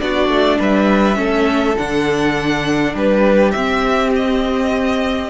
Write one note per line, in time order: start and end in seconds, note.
0.00 0.28 B3
0.00 1.15 D4
0.00 0.59 F#4
0.00 0.59 D5
0.28 0.58 A3
0.59 1.17 G3
0.59 1.18 B4
0.59 1.77 E5
1.15 1.76 A3
1.15 1.74 C#4
1.15 2.95 A4
1.77 2.94 D3
1.77 3.54 D4
1.77 2.95 F#5
2.94 3.53 G3
2.94 5.30 G4
2.94 3.51 B4
3.51 5.30 C4
3.51 4.10 E5
4.16 5.30 D#5